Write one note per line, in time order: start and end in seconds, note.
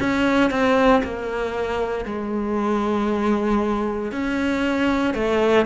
0.00 0.51 C#4
0.51 1.03 C4
1.03 2.05 A#3
2.05 4.12 G#3
4.12 5.14 C#4
5.14 5.66 A3